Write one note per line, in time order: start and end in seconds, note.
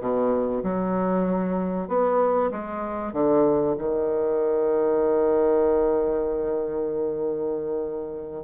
0.00 0.62 B2
0.63 1.88 F#3
1.88 2.50 B3
2.51 3.13 G#3
3.13 3.75 D3
3.78 8.43 D#3